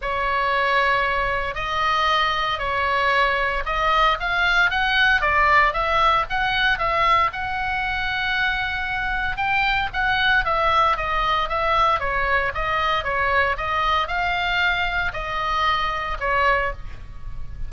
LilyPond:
\new Staff \with { instrumentName = "oboe" } { \time 4/4 \tempo 4 = 115 cis''2. dis''4~ | dis''4 cis''2 dis''4 | f''4 fis''4 d''4 e''4 | fis''4 e''4 fis''2~ |
fis''2 g''4 fis''4 | e''4 dis''4 e''4 cis''4 | dis''4 cis''4 dis''4 f''4~ | f''4 dis''2 cis''4 | }